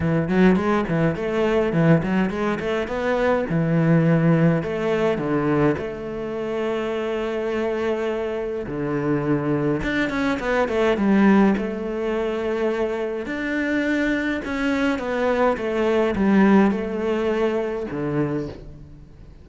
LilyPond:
\new Staff \with { instrumentName = "cello" } { \time 4/4 \tempo 4 = 104 e8 fis8 gis8 e8 a4 e8 fis8 | gis8 a8 b4 e2 | a4 d4 a2~ | a2. d4~ |
d4 d'8 cis'8 b8 a8 g4 | a2. d'4~ | d'4 cis'4 b4 a4 | g4 a2 d4 | }